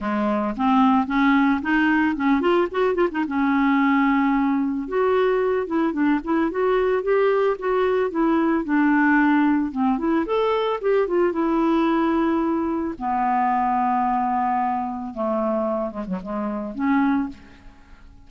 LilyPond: \new Staff \with { instrumentName = "clarinet" } { \time 4/4 \tempo 4 = 111 gis4 c'4 cis'4 dis'4 | cis'8 f'8 fis'8 f'16 dis'16 cis'2~ | cis'4 fis'4. e'8 d'8 e'8 | fis'4 g'4 fis'4 e'4 |
d'2 c'8 e'8 a'4 | g'8 f'8 e'2. | b1 | a4. gis16 fis16 gis4 cis'4 | }